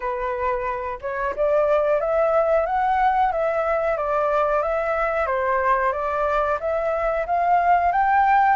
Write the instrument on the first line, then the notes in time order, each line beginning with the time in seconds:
flute
0.00 B4
1.01 C#5
1.35 D5
2.00 E5
2.66 F#5
3.31 E5
3.97 D5
4.62 E5
5.26 C5
5.92 D5
6.59 E5
7.26 F5
7.92 G5